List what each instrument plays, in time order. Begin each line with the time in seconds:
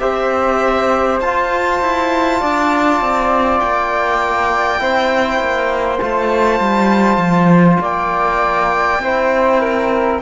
0.00 cello C4, trombone G4, flute C5, violin E5
1.20 cello F4, trombone F4, violin A5
1.81 cello E4
2.40 cello D4, flute D5
3.01 cello C4
3.59 cello A#3, violin G5
4.79 cello C4, trombone E4, flute C5
5.40 cello A#3
6.00 cello A3, trombone F4, violin A5
6.60 cello G3
7.17 cello F3
7.80 cello A#3, flute D5, violin G5
8.99 cello C4, trombone E4, flute C5
9.60 flute A#4